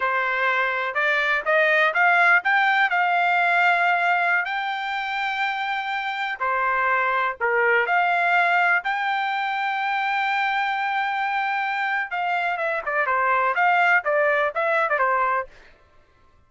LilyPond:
\new Staff \with { instrumentName = "trumpet" } { \time 4/4 \tempo 4 = 124 c''2 d''4 dis''4 | f''4 g''4 f''2~ | f''4~ f''16 g''2~ g''8.~ | g''4~ g''16 c''2 ais'8.~ |
ais'16 f''2 g''4.~ g''16~ | g''1~ | g''4 f''4 e''8 d''8 c''4 | f''4 d''4 e''8. d''16 c''4 | }